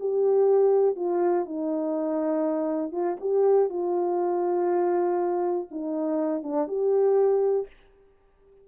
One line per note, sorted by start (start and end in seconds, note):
0.00 0.96 G4
0.96 1.45 F4
1.45 2.92 D#4
2.92 3.16 F4
3.20 3.69 G4
3.69 5.68 F4
5.71 6.43 D#4
6.43 6.68 D4
6.68 7.67 G4